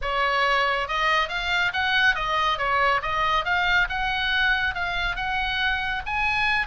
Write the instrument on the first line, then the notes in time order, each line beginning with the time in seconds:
oboe
0.01 C#5
0.88 D#5
1.28 F5
1.73 F#5
2.15 D#5
2.58 C#5
3.02 D#5
3.44 F5
3.89 F#5
4.74 F5
5.16 F#5
6.06 G#5